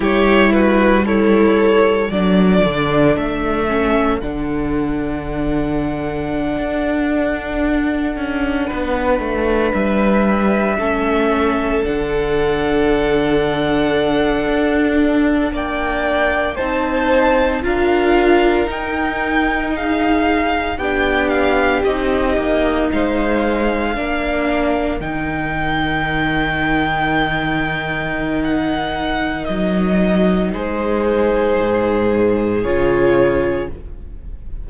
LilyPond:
<<
  \new Staff \with { instrumentName = "violin" } { \time 4/4 \tempo 4 = 57 cis''8 b'8 cis''4 d''4 e''4 | fis''1~ | fis''4~ fis''16 e''2 fis''8.~ | fis''2~ fis''8. g''4 a''16~ |
a''8. f''4 g''4 f''4 g''16~ | g''16 f''8 dis''4 f''2 g''16~ | g''2. fis''4 | dis''4 c''2 cis''4 | }
  \new Staff \with { instrumentName = "violin" } { \time 4/4 g'8 fis'8 e'4 a'2~ | a'1~ | a'16 b'2 a'4.~ a'16~ | a'2~ a'8. d''4 c''16~ |
c''8. ais'2 gis'4 g'16~ | g'4.~ g'16 c''4 ais'4~ ais'16~ | ais'1~ | ais'4 gis'2. | }
  \new Staff \with { instrumentName = "viola" } { \time 4/4 e'4 a'4 d'4. cis'8 | d'1~ | d'2~ d'16 cis'4 d'8.~ | d'2.~ d'8. dis'16~ |
dis'8. f'4 dis'2 d'16~ | d'8. dis'2 d'4 dis'16~ | dis'1~ | dis'2. f'4 | }
  \new Staff \with { instrumentName = "cello" } { \time 4/4 g2 fis8 d8 a4 | d2~ d16 d'4. cis'16~ | cis'16 b8 a8 g4 a4 d8.~ | d4.~ d16 d'4 ais4 c'16~ |
c'8. d'4 dis'2 b16~ | b8. c'8 ais8 gis4 ais4 dis16~ | dis1 | fis4 gis4 gis,4 cis4 | }
>>